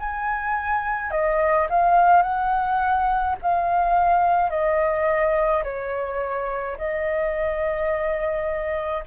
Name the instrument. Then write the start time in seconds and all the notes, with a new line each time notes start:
flute
0.00 G#5
1.12 D#5
1.70 F5
2.23 F#5
3.43 F5
4.50 D#5
5.64 C#5
6.78 D#5